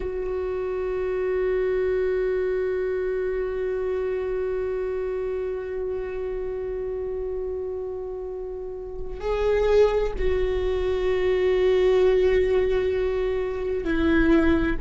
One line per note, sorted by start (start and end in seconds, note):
0.00 9.20 F#4
9.20 10.12 G#4
10.18 13.84 F#4
13.84 14.76 E4